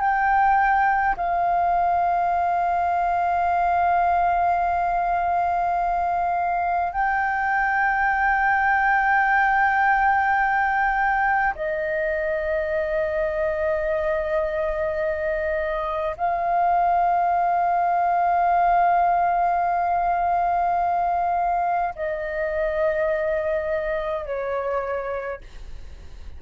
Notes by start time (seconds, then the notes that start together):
0.00 G5
1.16 F5
6.92 G5
11.55 D#5
16.17 F5
21.95 D#5
24.25 C#5